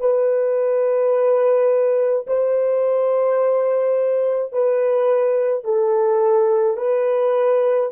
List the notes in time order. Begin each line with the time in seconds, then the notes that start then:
0.00 B4
2.27 C5
4.53 B4
5.64 A4
6.77 B4